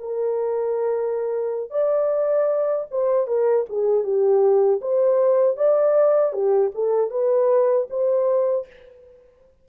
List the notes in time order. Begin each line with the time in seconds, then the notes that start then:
0.00 A#4
1.71 D5
2.91 C5
3.27 A#4
3.70 G#4
4.03 G4
4.81 C5
5.57 D5
6.33 G4
6.74 A4
7.10 B4
7.90 C5